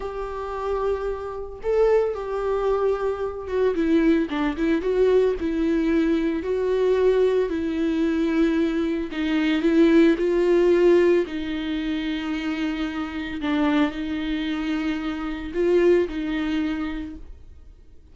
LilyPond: \new Staff \with { instrumentName = "viola" } { \time 4/4 \tempo 4 = 112 g'2. a'4 | g'2~ g'8 fis'8 e'4 | d'8 e'8 fis'4 e'2 | fis'2 e'2~ |
e'4 dis'4 e'4 f'4~ | f'4 dis'2.~ | dis'4 d'4 dis'2~ | dis'4 f'4 dis'2 | }